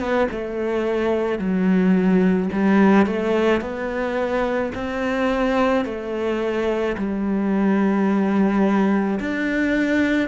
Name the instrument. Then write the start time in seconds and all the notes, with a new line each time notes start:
cello
0.00 B3
0.32 A3
1.39 F#3
2.53 G3
3.07 A3
3.61 B3
4.75 C4
5.85 A3
6.97 G3
9.20 D4